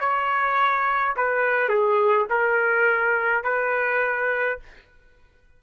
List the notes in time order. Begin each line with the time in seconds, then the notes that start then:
0.00 C#5
1.17 B4
1.69 G#4
2.30 A#4
3.44 B4